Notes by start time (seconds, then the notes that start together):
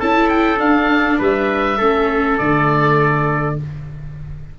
0.00 C#4 E4 A4 A5
0.29 G5
0.58 D4 F5
1.19 G3 B4 E5
1.78 A3 C#4 A4
2.38 D3 A3 D5